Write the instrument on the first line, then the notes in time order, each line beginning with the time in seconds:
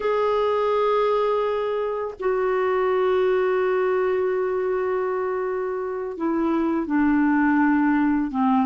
clarinet
0.00 G#4
2.19 F#4
6.17 E4
6.86 D4
8.30 C4